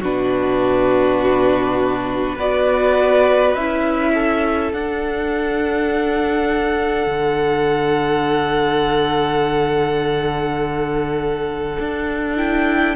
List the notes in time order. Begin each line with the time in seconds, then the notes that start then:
0.00 B2 D4 F#4 B4
2.35 B3 F#4 B4 D5
3.54 C#4 E4 E5
4.14 A4
4.72 D4 F#5
7.06 D3
11.79 D4
12.37 E4 G5